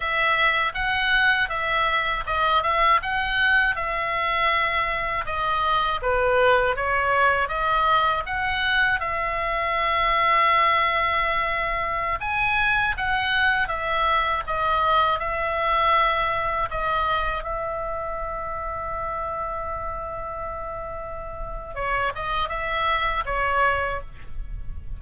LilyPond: \new Staff \with { instrumentName = "oboe" } { \time 4/4 \tempo 4 = 80 e''4 fis''4 e''4 dis''8 e''8 | fis''4 e''2 dis''4 | b'4 cis''4 dis''4 fis''4 | e''1~ |
e''16 gis''4 fis''4 e''4 dis''8.~ | dis''16 e''2 dis''4 e''8.~ | e''1~ | e''4 cis''8 dis''8 e''4 cis''4 | }